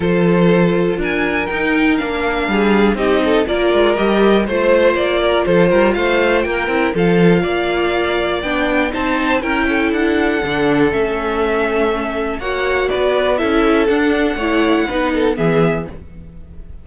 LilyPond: <<
  \new Staff \with { instrumentName = "violin" } { \time 4/4 \tempo 4 = 121 c''2 gis''4 g''4 | f''2 dis''4 d''4 | dis''4 c''4 d''4 c''4 | f''4 g''4 f''2~ |
f''4 g''4 a''4 g''4 | fis''2 e''2~ | e''4 fis''4 d''4 e''4 | fis''2. e''4 | }
  \new Staff \with { instrumentName = "violin" } { \time 4/4 a'2 ais'2~ | ais'4 gis'4 g'8 a'8 ais'4~ | ais'4 c''4. ais'8 a'8 ais'8 | c''4 ais'4 a'4 d''4~ |
d''2 c''4 ais'8 a'8~ | a'1~ | a'4 cis''4 b'4 a'4~ | a'4 cis''4 b'8 a'8 gis'4 | }
  \new Staff \with { instrumentName = "viola" } { \time 4/4 f'2. dis'4 | d'2 dis'4 f'4 | g'4 f'2.~ | f'4. e'8 f'2~ |
f'4 d'4 dis'4 e'4~ | e'4 d'4 cis'2~ | cis'4 fis'2 e'4 | d'4 e'4 dis'4 b4 | }
  \new Staff \with { instrumentName = "cello" } { \time 4/4 f2 d'4 dis'4 | ais4 g4 c'4 ais8 gis8 | g4 a4 ais4 f8 g8 | a4 ais8 c'8 f4 ais4~ |
ais4 b4 c'4 cis'4 | d'4 d4 a2~ | a4 ais4 b4 cis'4 | d'4 a4 b4 e4 | }
>>